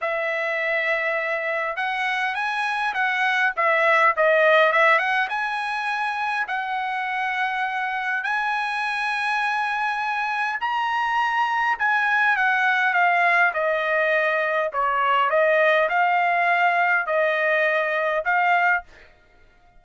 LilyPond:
\new Staff \with { instrumentName = "trumpet" } { \time 4/4 \tempo 4 = 102 e''2. fis''4 | gis''4 fis''4 e''4 dis''4 | e''8 fis''8 gis''2 fis''4~ | fis''2 gis''2~ |
gis''2 ais''2 | gis''4 fis''4 f''4 dis''4~ | dis''4 cis''4 dis''4 f''4~ | f''4 dis''2 f''4 | }